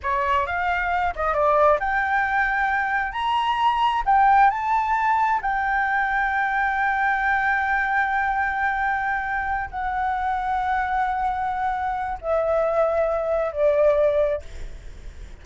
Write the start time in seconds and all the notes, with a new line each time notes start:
0.02 C#5
0.46 F5
1.15 D#5
1.33 D5
1.79 G5
3.12 A#5
4.05 G5
4.50 A5
5.41 G5
9.70 F#5
12.21 E5
13.51 D5